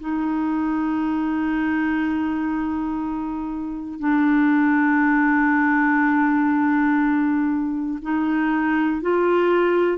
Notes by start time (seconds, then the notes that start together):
0.00 D#4
3.99 D4
8.02 D#4
9.01 F4